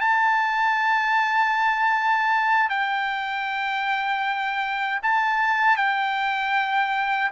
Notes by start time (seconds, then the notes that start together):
0.00 A5
2.69 G5
5.02 A5
5.76 G5